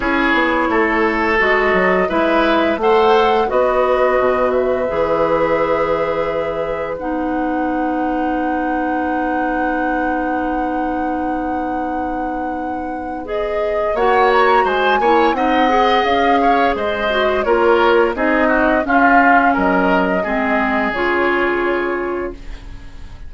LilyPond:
<<
  \new Staff \with { instrumentName = "flute" } { \time 4/4 \tempo 4 = 86 cis''2 dis''4 e''4 | fis''4 dis''4. e''4.~ | e''2 fis''2~ | fis''1~ |
fis''2. dis''4 | fis''8 ais''8 gis''4 fis''4 f''4 | dis''4 cis''4 dis''4 f''4 | dis''2 cis''2 | }
  \new Staff \with { instrumentName = "oboe" } { \time 4/4 gis'4 a'2 b'4 | c''4 b'2.~ | b'1~ | b'1~ |
b'1 | cis''4 c''8 cis''8 dis''4. cis''8 | c''4 ais'4 gis'8 fis'8 f'4 | ais'4 gis'2. | }
  \new Staff \with { instrumentName = "clarinet" } { \time 4/4 e'2 fis'4 e'4 | a'4 fis'2 gis'4~ | gis'2 dis'2~ | dis'1~ |
dis'2. gis'4 | fis'4. e'8 dis'8 gis'4.~ | gis'8 fis'8 f'4 dis'4 cis'4~ | cis'4 c'4 f'2 | }
  \new Staff \with { instrumentName = "bassoon" } { \time 4/4 cis'8 b8 a4 gis8 fis8 gis4 | a4 b4 b,4 e4~ | e2 b2~ | b1~ |
b1 | ais4 gis8 ais8 c'4 cis'4 | gis4 ais4 c'4 cis'4 | fis4 gis4 cis2 | }
>>